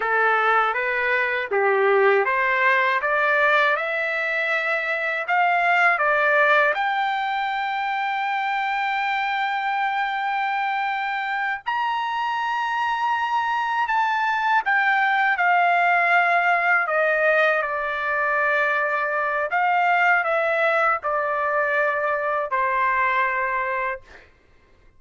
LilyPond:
\new Staff \with { instrumentName = "trumpet" } { \time 4/4 \tempo 4 = 80 a'4 b'4 g'4 c''4 | d''4 e''2 f''4 | d''4 g''2.~ | g''2.~ g''8 ais''8~ |
ais''2~ ais''8 a''4 g''8~ | g''8 f''2 dis''4 d''8~ | d''2 f''4 e''4 | d''2 c''2 | }